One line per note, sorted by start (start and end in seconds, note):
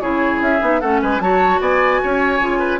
0.00 0.41 C#3
0.00 0.60 E4
0.00 0.81 G#4
0.00 0.40 C#5
0.41 0.61 C#4
0.41 0.80 E5
0.60 0.81 B3
0.60 0.80 D#4
0.80 1.02 A3
0.80 1.21 C#4
0.80 1.01 A4
0.80 1.00 F#5
1.02 1.20 G#3
1.02 1.22 B4
1.02 1.21 G#5
1.20 1.60 F#3
1.20 2.40 F#4
1.20 1.61 C#5
1.20 1.61 A5
1.61 2.01 B3
1.61 2.01 D5
1.61 2.79 G#5
2.03 2.39 C#4
2.03 2.59 C#5
2.39 2.79 C#3
2.39 2.79 F4
2.59 2.79 B4